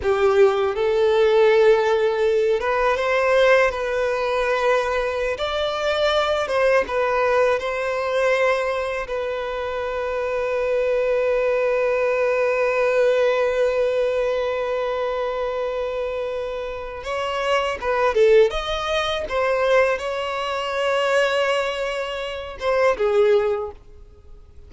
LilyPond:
\new Staff \with { instrumentName = "violin" } { \time 4/4 \tempo 4 = 81 g'4 a'2~ a'8 b'8 | c''4 b'2~ b'16 d''8.~ | d''8. c''8 b'4 c''4.~ c''16~ | c''16 b'2.~ b'8.~ |
b'1~ | b'2. cis''4 | b'8 a'8 dis''4 c''4 cis''4~ | cis''2~ cis''8 c''8 gis'4 | }